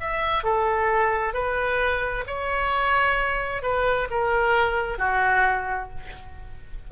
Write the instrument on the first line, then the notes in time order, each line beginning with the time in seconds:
oboe
0.00 E5
0.43 A4
1.33 B4
2.26 C#5
3.62 B4
4.10 A#4
4.98 F#4